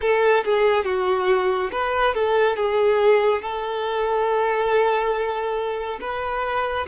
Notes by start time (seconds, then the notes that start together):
0.01 A4
0.44 G#4
0.84 F#4
1.71 B4
2.14 A4
2.56 G#4
3.42 A4
6.00 B4